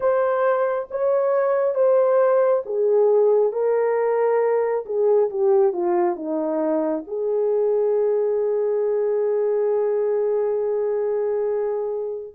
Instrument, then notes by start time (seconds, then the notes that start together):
horn
0.00 C5
0.90 C#5
1.74 C5
2.65 G#4
3.52 A#4
4.85 G#4
5.29 G4
5.72 F4
6.15 D#4
7.07 G#4